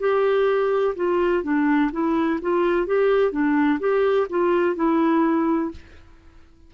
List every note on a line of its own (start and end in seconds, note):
0.00 0.95 G4
0.96 1.43 F4
1.44 1.91 D4
1.92 2.40 E4
2.42 2.87 F4
2.87 3.32 G4
3.32 3.79 D4
3.80 4.28 G4
4.30 4.76 F4
4.76 5.71 E4